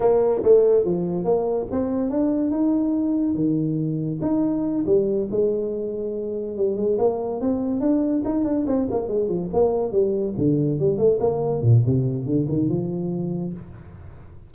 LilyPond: \new Staff \with { instrumentName = "tuba" } { \time 4/4 \tempo 4 = 142 ais4 a4 f4 ais4 | c'4 d'4 dis'2 | dis2 dis'4. g8~ | g8 gis2. g8 |
gis8 ais4 c'4 d'4 dis'8 | d'8 c'8 ais8 gis8 f8 ais4 g8~ | g8 d4 g8 a8 ais4 ais,8 | c4 d8 dis8 f2 | }